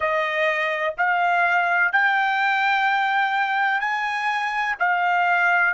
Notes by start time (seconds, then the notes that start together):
0.00 D#5
0.97 F5
1.92 G5
3.80 G#5
4.79 F5